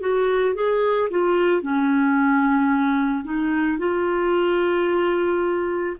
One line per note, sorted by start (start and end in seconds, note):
0.00 0.54 F#4
0.54 1.09 G#4
1.10 1.62 F4
1.62 3.24 C#4
3.24 3.78 D#4
3.78 5.96 F4